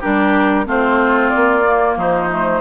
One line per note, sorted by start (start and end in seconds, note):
0.00 0.67 G3
0.00 0.65 D4
0.00 0.65 G4
0.00 0.67 A#4
0.65 1.32 A3
0.65 1.63 C4
0.65 1.98 F4
0.65 1.29 C5
1.29 1.95 D5
1.36 1.96 A#3
1.65 2.31 A#3
1.96 2.61 F3
1.96 2.61 D#4
1.96 2.61 C5
2.31 2.61 A3